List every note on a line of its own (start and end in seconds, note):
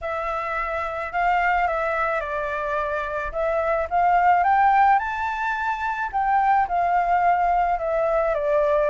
0.01 1.12 E5
1.12 1.67 F5
1.67 2.20 E5
2.20 3.31 D5
3.32 3.87 E5
3.89 4.43 F5
4.43 4.98 G5
4.98 6.10 A5
6.12 6.67 G5
6.68 7.79 F5
7.79 8.34 E5
8.34 8.89 D5